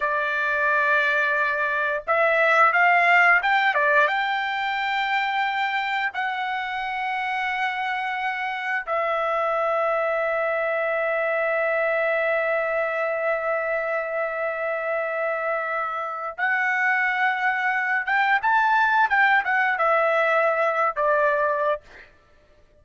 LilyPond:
\new Staff \with { instrumentName = "trumpet" } { \time 4/4 \tempo 4 = 88 d''2. e''4 | f''4 g''8 d''8 g''2~ | g''4 fis''2.~ | fis''4 e''2.~ |
e''1~ | e''1 | fis''2~ fis''8 g''8 a''4 | g''8 fis''8 e''4.~ e''16 d''4~ d''16 | }